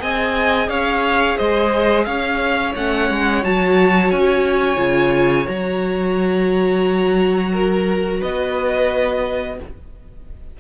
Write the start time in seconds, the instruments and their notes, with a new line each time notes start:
0.00 cello C4, viola G#4, violin D#5 G#5
0.68 cello C#4, violin C#5 F5
1.38 cello G#3, violin C5 D#5
2.05 cello C#4, violin C#5 F5
2.76 cello A3, viola C#4, violin F#5
3.11 cello G#3
3.43 cello F#3, viola F#4, violin A5
4.11 cello C#4, violin G#5
4.77 cello C#3, viola F4
5.47 cello F#3, viola F#4, violin A#5
7.53 violin A#4
8.20 cello B3, violin B4 D#5